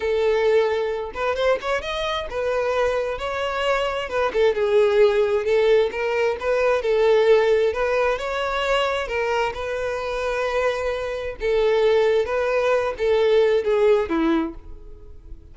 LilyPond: \new Staff \with { instrumentName = "violin" } { \time 4/4 \tempo 4 = 132 a'2~ a'8 b'8 c''8 cis''8 | dis''4 b'2 cis''4~ | cis''4 b'8 a'8 gis'2 | a'4 ais'4 b'4 a'4~ |
a'4 b'4 cis''2 | ais'4 b'2.~ | b'4 a'2 b'4~ | b'8 a'4. gis'4 e'4 | }